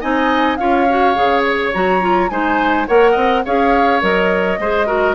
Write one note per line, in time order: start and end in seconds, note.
0.00 0.58 C4
0.00 0.58 D#4
0.00 0.57 D#5
0.00 0.56 G#5
0.56 1.15 C#4
0.56 0.87 F4
0.56 2.31 C#5
0.56 1.42 F5
0.89 1.15 F#4
1.15 1.74 C#3
1.15 1.72 G#4
1.44 1.73 C#5
1.73 2.30 F#3
1.73 2.00 F#4
1.73 2.29 A#5
2.00 2.29 F4
2.29 2.87 G#3
2.29 2.87 D#4
2.29 2.87 C5
2.29 2.86 G#5
2.87 3.15 A#3
2.87 3.45 A#4
2.87 3.11 C#5
2.87 3.44 F#5
3.11 3.44 C4
3.11 3.40 D#5
3.45 4.02 C#4
3.45 4.00 G#4
3.45 4.59 C#5
3.45 4.02 F5
4.00 4.58 F#3
4.00 4.58 A#4
4.00 5.14 D#5
4.58 5.14 G#3
4.58 4.86 G#4
4.58 4.86 C5
4.86 5.14 F#4
4.86 5.14 A#4